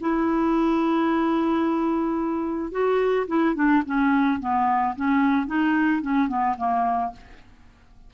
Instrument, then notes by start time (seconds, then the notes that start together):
clarinet
0.00 E4
2.71 F#4
3.27 E4
3.55 D4
3.86 C#4
4.40 B3
4.96 C#4
5.46 D#4
6.02 C#4
6.28 B3
6.57 A#3